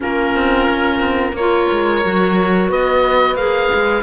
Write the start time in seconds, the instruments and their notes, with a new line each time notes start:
0.00 cello A#3, clarinet C#4, horn F4, oboe A#4
0.35 cello C4
0.69 cello C#4
0.99 cello C4
1.32 cello A#3, horn A#4, oboe C#5
1.39 clarinet F4
1.71 cello G#3
2.04 cello F#3, clarinet F#4
2.68 cello B3, horn B4, oboe D#5
3.34 cello A#3, clarinet G#4, oboe F5
3.74 cello G#3